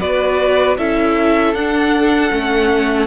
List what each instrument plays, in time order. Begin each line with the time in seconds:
0.00 cello B3, viola F#4, violin B4 D5
0.78 cello C#4, viola E4, violin A4 E5
1.54 cello D4, viola D4, violin F#5
2.30 cello A3, viola C#4